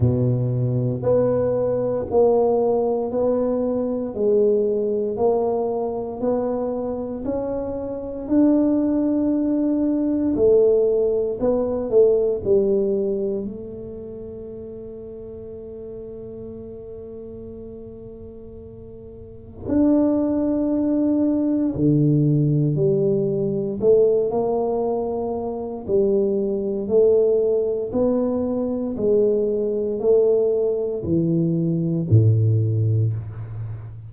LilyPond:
\new Staff \with { instrumentName = "tuba" } { \time 4/4 \tempo 4 = 58 b,4 b4 ais4 b4 | gis4 ais4 b4 cis'4 | d'2 a4 b8 a8 | g4 a2.~ |
a2. d'4~ | d'4 d4 g4 a8 ais8~ | ais4 g4 a4 b4 | gis4 a4 e4 a,4 | }